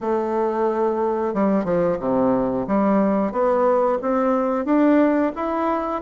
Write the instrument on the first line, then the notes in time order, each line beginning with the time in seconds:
bassoon
0.01 A3
1.34 G3
1.64 F3
1.99 C3
2.67 G3
3.32 B3
4.02 C4
4.65 D4
5.35 E4